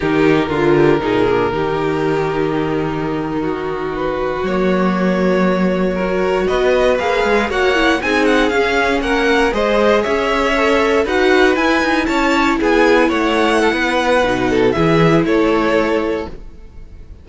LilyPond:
<<
  \new Staff \with { instrumentName = "violin" } { \time 4/4 \tempo 4 = 118 ais'1~ | ais'2.~ ais'8. b'16~ | b'8. cis''2.~ cis''16~ | cis''8. dis''4 f''4 fis''4 gis''16~ |
gis''16 fis''8 f''4 fis''4 dis''4 e''16~ | e''4.~ e''16 fis''4 gis''4 a''16~ | a''8. gis''4 fis''2~ fis''16~ | fis''4 e''4 cis''2 | }
  \new Staff \with { instrumentName = "violin" } { \time 4/4 g'4 f'8 g'8 gis'4 g'4~ | g'2~ g'8. fis'4~ fis'16~ | fis'2.~ fis'8. ais'16~ | ais'8. b'2 cis''4 gis'16~ |
gis'4.~ gis'16 ais'4 c''4 cis''16~ | cis''4.~ cis''16 b'2 cis''16~ | cis''8. gis'4 cis''4 a'16 b'4~ | b'8 a'8 gis'4 a'2 | }
  \new Staff \with { instrumentName = "viola" } { \time 4/4 dis'4 f'4 dis'8 d'8 dis'4~ | dis'1~ | dis'8. ais2. fis'16~ | fis'4.~ fis'16 gis'4 fis'8 e'8 dis'16~ |
dis'8. cis'2 gis'4~ gis'16~ | gis'8. a'4 fis'4 e'4~ e'16~ | e'1 | dis'4 e'2. | }
  \new Staff \with { instrumentName = "cello" } { \time 4/4 dis4 d4 ais,4 dis4~ | dis1~ | dis8. fis2.~ fis16~ | fis8. b4 ais8 gis8 ais4 c'16~ |
c'8. cis'4 ais4 gis4 cis'16~ | cis'4.~ cis'16 dis'4 e'8 dis'8 cis'16~ | cis'8. b4 a4~ a16 b4 | b,4 e4 a2 | }
>>